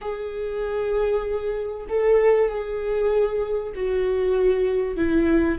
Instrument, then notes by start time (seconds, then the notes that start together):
viola
0.01 G#4
1.89 A4
2.49 G#4
3.75 F#4
4.96 E4